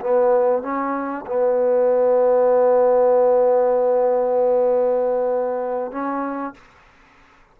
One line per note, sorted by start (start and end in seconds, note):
0.00 0.62 B3
0.62 1.25 C#4
1.26 5.91 B3
5.91 6.54 C#4